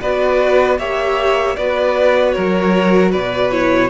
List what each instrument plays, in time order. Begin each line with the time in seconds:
0.00 cello B3, viola F#4, violin B4 D5
0.79 cello A#3, viola G4, violin C#5 E5
1.56 cello B3, viola F#4, violin B4 D5
2.31 violin A#4 C#5
2.37 cello F#3
3.11 cello B2, violin B4 D5
3.51 viola E4, violin C#5